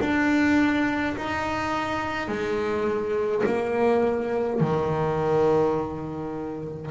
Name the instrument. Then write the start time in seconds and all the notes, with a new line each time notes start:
double bass
0.00 D4
1.16 D#4
2.28 G#3
3.46 A#3
4.60 D#3